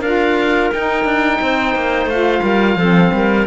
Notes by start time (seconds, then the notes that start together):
0.00 D4 F4 A#4 F5
0.72 D#4 G5
1.04 D4
1.41 C4 C5
1.75 A#3
2.06 A3 F5
2.12 F4
2.43 G3 A#4
2.76 F3 C4 A4
3.13 G3 A#4